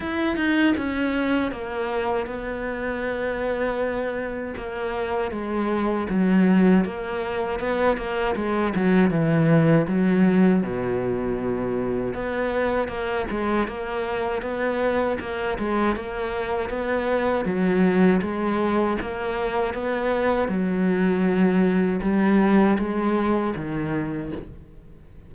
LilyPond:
\new Staff \with { instrumentName = "cello" } { \time 4/4 \tempo 4 = 79 e'8 dis'8 cis'4 ais4 b4~ | b2 ais4 gis4 | fis4 ais4 b8 ais8 gis8 fis8 | e4 fis4 b,2 |
b4 ais8 gis8 ais4 b4 | ais8 gis8 ais4 b4 fis4 | gis4 ais4 b4 fis4~ | fis4 g4 gis4 dis4 | }